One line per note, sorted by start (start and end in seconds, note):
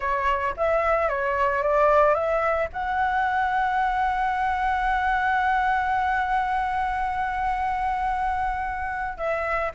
0.00 0.54 C#5
0.56 1.08 E5
1.08 1.62 C#5
1.62 2.14 D5
2.14 2.68 E5
2.72 9.17 F#5
9.17 9.71 E5